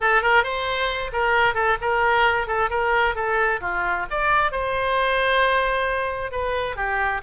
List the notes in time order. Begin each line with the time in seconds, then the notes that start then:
0.00 A4
0.21 A#4
0.43 C5
1.12 A#4
1.54 A4
1.81 A#4
2.47 A4
2.70 A#4
3.15 A4
3.60 F4
4.10 D5
4.51 C5
6.31 B4
6.76 G4